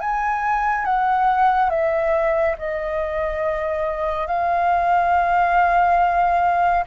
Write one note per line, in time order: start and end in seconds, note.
0.00 0.85 G#5
0.85 1.69 F#5
1.69 2.55 E5
2.58 4.27 D#5
4.27 6.84 F5